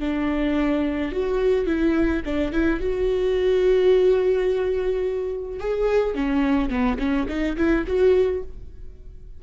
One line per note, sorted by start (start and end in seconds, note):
0.00 1.12 D4
1.12 1.67 F#4
1.67 2.23 E4
2.26 2.52 D4
2.52 2.80 E4
2.80 5.60 F#4
5.60 6.15 G#4
6.15 6.70 C#4
6.70 6.98 B3
6.99 7.27 C#4
7.29 7.57 D#4
7.57 7.85 E4
7.87 8.43 F#4